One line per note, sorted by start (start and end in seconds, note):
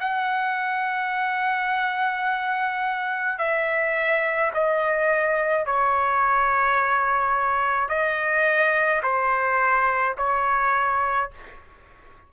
0.00 3.39 F#5
3.39 4.52 E5
4.54 5.66 D#5
5.66 7.89 C#5
7.89 9.02 D#5
9.03 10.16 C5
10.18 11.31 C#5